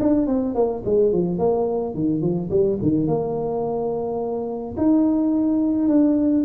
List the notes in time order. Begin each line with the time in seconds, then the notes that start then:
0.00 D4
0.27 C4
0.55 A#3
0.85 G#3
1.13 F3
1.39 A#3
1.94 D#3
2.22 F3
2.51 G3
2.82 D#3
3.07 A#3
4.77 D#4
5.89 D4